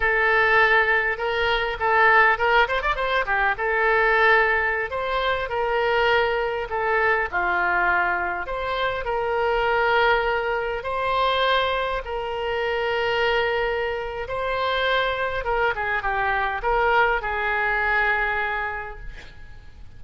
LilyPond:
\new Staff \with { instrumentName = "oboe" } { \time 4/4 \tempo 4 = 101 a'2 ais'4 a'4 | ais'8 c''16 d''16 c''8 g'8 a'2~ | a'16 c''4 ais'2 a'8.~ | a'16 f'2 c''4 ais'8.~ |
ais'2~ ais'16 c''4.~ c''16~ | c''16 ais'2.~ ais'8. | c''2 ais'8 gis'8 g'4 | ais'4 gis'2. | }